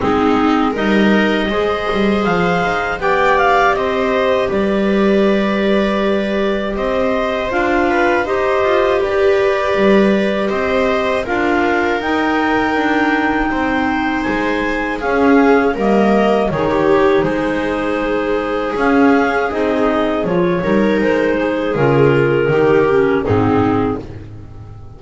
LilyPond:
<<
  \new Staff \with { instrumentName = "clarinet" } { \time 4/4 \tempo 4 = 80 gis'4 dis''2 f''4 | g''8 f''8 dis''4 d''2~ | d''4 dis''4 f''4 dis''4 | d''2 dis''4 f''4 |
g''2. gis''4 | f''4 dis''4 cis''4 c''4~ | c''4 f''4 dis''4 cis''4 | c''4 ais'2 gis'4 | }
  \new Staff \with { instrumentName = "viola" } { \time 4/4 dis'4 ais'4 c''2 | d''4 c''4 b'2~ | b'4 c''4. b'8 c''4 | b'2 c''4 ais'4~ |
ais'2 c''2 | gis'4 ais'4 gis'16 g'8. gis'4~ | gis'2.~ gis'8 ais'8~ | ais'8 gis'4. g'4 dis'4 | }
  \new Staff \with { instrumentName = "clarinet" } { \time 4/4 c'4 dis'4 gis'2 | g'1~ | g'2 f'4 g'4~ | g'2. f'4 |
dis'1 | cis'4 ais4 dis'2~ | dis'4 cis'4 dis'4 f'8 dis'8~ | dis'4 f'4 dis'8 cis'8 c'4 | }
  \new Staff \with { instrumentName = "double bass" } { \time 4/4 gis4 g4 gis8 g8 f8 dis'8 | b4 c'4 g2~ | g4 c'4 d'4 dis'8 f'8 | g'4 g4 c'4 d'4 |
dis'4 d'4 c'4 gis4 | cis'4 g4 dis4 gis4~ | gis4 cis'4 c'4 f8 g8 | gis4 cis4 dis4 gis,4 | }
>>